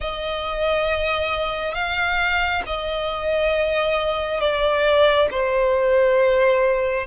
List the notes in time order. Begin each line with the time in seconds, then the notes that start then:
0.00 D#5
1.74 F5
2.66 D#5
4.40 D5
5.30 C5